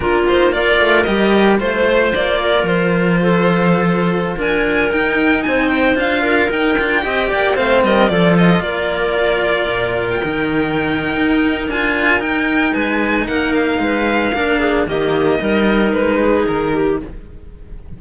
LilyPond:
<<
  \new Staff \with { instrumentName = "violin" } { \time 4/4 \tempo 4 = 113 ais'8 c''8 d''4 dis''4 c''4 | d''4 c''2.~ | c''16 gis''4 g''4 gis''8 g''8 f''8.~ | f''16 g''2 f''8 dis''8 d''8 dis''16~ |
dis''16 d''2~ d''8. g''4~ | g''2 gis''4 g''4 | gis''4 fis''8 f''2~ f''8 | dis''2 b'4 ais'4 | }
  \new Staff \with { instrumentName = "clarinet" } { \time 4/4 f'4 ais'2 c''4~ | c''8 ais'4. a'2~ | a'16 ais'2 c''4. ais'16~ | ais'4~ ais'16 dis''8 d''8 c''8 ais'8 a'8.~ |
a'16 ais'2.~ ais'8.~ | ais'1 | b'4 ais'4 b'4 ais'8 gis'8 | g'4 ais'4. gis'4 g'8 | }
  \new Staff \with { instrumentName = "cello" } { \time 4/4 d'8 dis'8 f'4 g'4 f'4~ | f'1~ | f'4~ f'16 dis'2 f'8.~ | f'16 dis'8 f'8 g'4 c'4 f'8.~ |
f'2.~ f'16 dis'8.~ | dis'2 f'4 dis'4~ | dis'2. d'4 | ais4 dis'2. | }
  \new Staff \with { instrumentName = "cello" } { \time 4/4 ais4. a8 g4 a4 | ais4 f2.~ | f16 d'4 dis'4 c'4 d'8.~ | d'16 dis'8 d'8 c'8 ais8 a8 g8 f8.~ |
f16 ais2 ais,4 dis8.~ | dis4 dis'4 d'4 dis'4 | gis4 ais4 gis4 ais4 | dis4 g4 gis4 dis4 | }
>>